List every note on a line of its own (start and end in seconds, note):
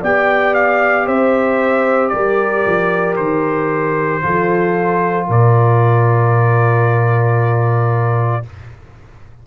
0.00 1.07 B3
0.00 4.21 G4
0.00 1.05 D5
0.00 0.54 G5
0.54 1.07 F5
1.05 2.12 C4
1.05 2.11 C5
1.05 2.08 E5
2.08 2.65 G3
2.08 4.23 A#4
2.08 3.14 D5
2.66 3.18 F3
3.16 4.23 D#3
3.16 5.26 C5
4.21 5.28 F3
4.21 8.42 F4
4.21 5.27 A4
5.27 8.44 A#2
5.27 8.43 A#4
5.27 8.46 D5